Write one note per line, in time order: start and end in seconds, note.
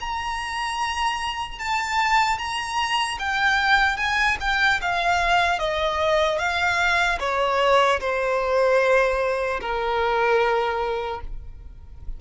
0.00 1.59 A#5
1.59 2.38 A5
2.38 3.18 A#5
3.19 3.97 G5
3.97 4.37 G#5
4.40 4.80 G5
4.81 5.59 F5
5.59 6.39 D#5
6.39 7.19 F5
7.20 8.00 C#5
8.00 9.60 C5
9.61 11.21 A#4